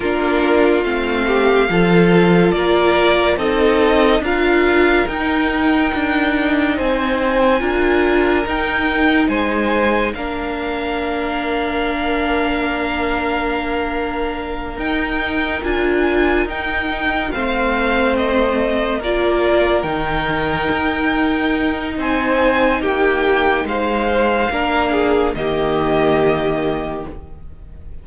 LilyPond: <<
  \new Staff \with { instrumentName = "violin" } { \time 4/4 \tempo 4 = 71 ais'4 f''2 d''4 | dis''4 f''4 g''2 | gis''2 g''4 gis''4 | f''1~ |
f''4. g''4 gis''4 g''8~ | g''8 f''4 dis''4 d''4 g''8~ | g''2 gis''4 g''4 | f''2 dis''2 | }
  \new Staff \with { instrumentName = "violin" } { \time 4/4 f'4. g'8 a'4 ais'4 | a'4 ais'2. | c''4 ais'2 c''4 | ais'1~ |
ais'1~ | ais'8 c''2 ais'4.~ | ais'2 c''4 g'4 | c''4 ais'8 gis'8 g'2 | }
  \new Staff \with { instrumentName = "viola" } { \time 4/4 d'4 c'4 f'2 | dis'4 f'4 dis'2~ | dis'4 f'4 dis'2 | d'1~ |
d'4. dis'4 f'4 dis'8~ | dis'8 c'2 f'4 dis'8~ | dis'1~ | dis'4 d'4 ais2 | }
  \new Staff \with { instrumentName = "cello" } { \time 4/4 ais4 a4 f4 ais4 | c'4 d'4 dis'4 d'4 | c'4 d'4 dis'4 gis4 | ais1~ |
ais4. dis'4 d'4 dis'8~ | dis'8 a2 ais4 dis8~ | dis8 dis'4. c'4 ais4 | gis4 ais4 dis2 | }
>>